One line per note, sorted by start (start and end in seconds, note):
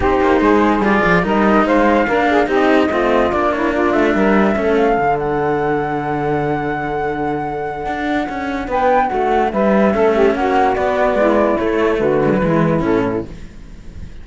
0.00 0.20 C4
0.00 0.81 D#4
0.00 0.40 G4
0.00 0.84 C5
0.20 0.40 A#3
0.40 0.79 G#3
0.40 1.23 G#4
0.79 1.00 G3
0.79 1.22 F4
0.79 1.25 D5
1.05 1.24 F3
1.22 1.65 G3
1.22 2.05 D#4
1.22 1.65 A#4
1.22 1.66 D#5
1.65 2.07 G#3
1.65 2.06 C5
1.65 2.49 F5
2.06 2.47 A#3
2.06 2.46 D4
2.06 2.27 A#4
2.30 2.46 G#4
2.46 2.88 C4
2.46 2.87 D#4
2.46 2.87 G4
2.46 3.32 D#5
2.88 3.31 A3
2.88 3.32 C4
2.88 3.50 F4
3.32 3.94 A#3
3.32 4.55 D4
3.32 3.52 D5
3.52 3.73 E4
3.52 3.72 C#5
3.73 4.14 F4
3.73 3.92 D5
3.92 4.14 A3
3.92 4.75 E5
4.14 4.55 G3
4.14 4.56 A#4
4.55 4.97 A3
4.55 4.96 C#4
4.55 8.68 A4
4.76 5.17 F5
4.96 7.86 D3
4.96 9.92 D4
5.18 8.70 F#5
7.86 8.27 D4
8.28 8.67 C#4
8.67 9.09 B3
8.67 9.07 B4
8.67 9.08 G5
9.07 9.53 A3
9.07 9.48 F#4
9.07 9.50 F#5
9.52 9.94 G3
9.52 9.94 B4
9.52 10.34 E5
9.92 10.35 A3
9.92 10.75 C#4
9.92 10.13 A4
10.13 10.34 G4
10.34 10.76 A#3
10.34 11.18 F#4
10.34 10.75 F#5
10.75 11.58 B3
10.75 11.14 B3
10.75 11.57 D5
11.14 11.55 G#3
11.14 11.99 E4
11.57 12.21 A3
11.57 11.99 A3
11.57 11.98 C#5
11.98 12.41 D3
11.98 12.40 F#4
11.98 12.81 B4
12.25 12.32 G#3
12.32 12.42 F#3
12.41 12.82 E3
12.41 12.79 G#3
12.41 13.26 E4
12.79 13.23 A2
12.79 13.21 C#4
12.79 13.25 A4